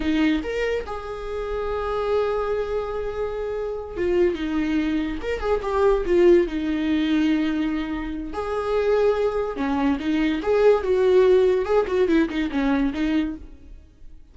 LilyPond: \new Staff \with { instrumentName = "viola" } { \time 4/4 \tempo 4 = 144 dis'4 ais'4 gis'2~ | gis'1~ | gis'4. f'4 dis'4.~ | dis'8 ais'8 gis'8 g'4 f'4 dis'8~ |
dis'1 | gis'2. cis'4 | dis'4 gis'4 fis'2 | gis'8 fis'8 e'8 dis'8 cis'4 dis'4 | }